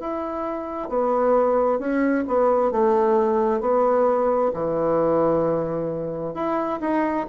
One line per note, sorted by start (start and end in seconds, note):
0.00 0.89 E4
0.89 1.79 B3
1.79 2.25 C#4
2.28 2.72 B3
2.72 3.61 A3
3.61 4.52 B3
4.55 6.35 E3
6.35 6.80 E4
6.81 7.26 D#4